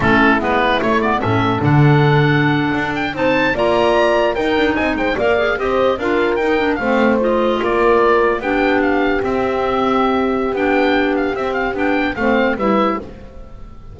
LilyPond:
<<
  \new Staff \with { instrumentName = "oboe" } { \time 4/4 \tempo 4 = 148 a'4 b'4 cis''8 d''8 e''4 | fis''2.~ fis''16 g''8 a''16~ | a''8. ais''2 g''4 gis''16~ | gis''16 g''8 f''4 dis''4 f''4 g''16~ |
g''8. f''4 dis''4 d''4~ d''16~ | d''8. g''4 f''4 e''4~ e''16~ | e''2 g''4. f''8 | e''8 f''8 g''4 f''4 e''4 | }
  \new Staff \with { instrumentName = "horn" } { \time 4/4 e'2. a'4~ | a'2.~ a'8. c''16~ | c''8. d''2 ais'4 dis''16~ | dis''16 c''8 d''4 c''4 ais'4~ ais'16~ |
ais'8. c''2 ais'4~ ais'16~ | ais'8. g'2.~ g'16~ | g'1~ | g'2 c''4 b'4 | }
  \new Staff \with { instrumentName = "clarinet" } { \time 4/4 cis'4 b4 a8 b8 cis'4 | d'2.~ d'8. dis'16~ | dis'8. f'2 dis'4~ dis'16~ | dis'8. ais'8 gis'8 g'4 f'4 dis'16~ |
dis'16 d'8 c'4 f'2~ f'16~ | f'8. d'2 c'4~ c'16~ | c'2 d'2 | c'4 d'4 c'4 e'4 | }
  \new Staff \with { instrumentName = "double bass" } { \time 4/4 a4 gis4 a4 a,4 | d2~ d8. d'4 c'16~ | c'8. ais2 dis'8 d'8 c'16~ | c'16 gis8 ais4 c'4 d'4 dis'16~ |
dis'8. a2 ais4~ ais16~ | ais8. b2 c'4~ c'16~ | c'2 b2 | c'4 b4 a4 g4 | }
>>